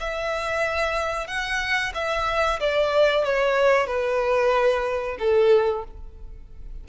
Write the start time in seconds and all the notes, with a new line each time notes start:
0.00 E5
1.27 F#5
1.94 E5
2.60 D5
3.24 C#5
3.87 B4
5.18 A4